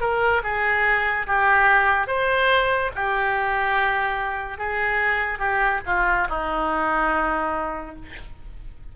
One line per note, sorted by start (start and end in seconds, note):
0.00 0.42 A#4
0.43 1.26 G#4
1.27 2.07 G4
2.07 2.91 C5
2.95 4.58 G4
4.58 5.39 G#4
5.39 5.80 G4
5.86 6.28 F4
6.29 7.95 D#4